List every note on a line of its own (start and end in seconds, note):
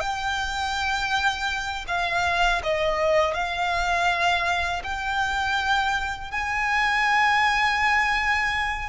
0.00 1.85 G5
1.88 2.62 F5
2.63 3.34 D#5
3.34 4.82 F5
4.84 6.31 G5
6.31 8.89 G#5